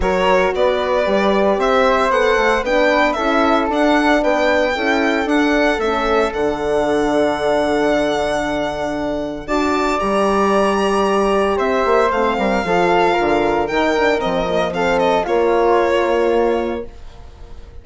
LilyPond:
<<
  \new Staff \with { instrumentName = "violin" } { \time 4/4 \tempo 4 = 114 cis''4 d''2 e''4 | fis''4 g''4 e''4 fis''4 | g''2 fis''4 e''4 | fis''1~ |
fis''2 a''4 ais''4~ | ais''2 e''4 f''4~ | f''2 g''4 dis''4 | f''8 dis''8 cis''2. | }
  \new Staff \with { instrumentName = "flute" } { \time 4/4 ais'4 b'2 c''4~ | c''4 b'4 a'2 | b'4 a'2.~ | a'1~ |
a'2 d''2~ | d''2 c''4. ais'8 | a'4 ais'2. | a'4 f'2. | }
  \new Staff \with { instrumentName = "horn" } { \time 4/4 fis'2 g'2 | a'4 d'4 e'4 d'4~ | d'4 e'4 d'4 cis'4 | d'1~ |
d'2 fis'4 g'4~ | g'2. c'4 | f'2 dis'8 d'8 c'8 ais8 | c'4 ais2. | }
  \new Staff \with { instrumentName = "bassoon" } { \time 4/4 fis4 b4 g4 c'4 | b8 a8 b4 cis'4 d'4 | b4 cis'4 d'4 a4 | d1~ |
d2 d'4 g4~ | g2 c'8 ais8 a8 g8 | f4 d4 dis4 f4~ | f4 ais2. | }
>>